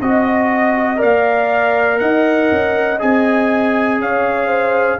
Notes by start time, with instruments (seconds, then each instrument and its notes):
0.00 tuba C4, trombone F#4, horn D#5, trumpet D#5
0.96 trombone A#4, horn D5, trumpet F5
1.02 tuba A#3
1.98 tuba D#4, horn D#5, trumpet F#5
2.51 tuba C#4
2.99 tuba C4, trombone G#4, trumpet G#5
3.99 tuba C#4, horn C#5, trumpet F5
4.47 horn C5